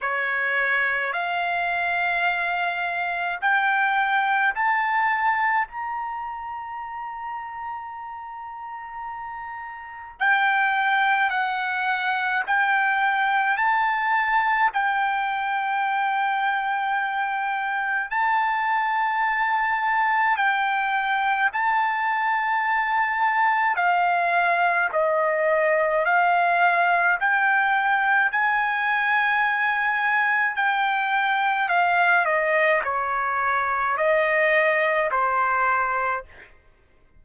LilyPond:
\new Staff \with { instrumentName = "trumpet" } { \time 4/4 \tempo 4 = 53 cis''4 f''2 g''4 | a''4 ais''2.~ | ais''4 g''4 fis''4 g''4 | a''4 g''2. |
a''2 g''4 a''4~ | a''4 f''4 dis''4 f''4 | g''4 gis''2 g''4 | f''8 dis''8 cis''4 dis''4 c''4 | }